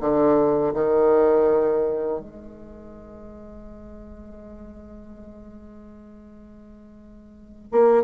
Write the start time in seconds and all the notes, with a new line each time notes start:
0.00 D3
0.74 D#3
2.19 G#3
7.71 A#3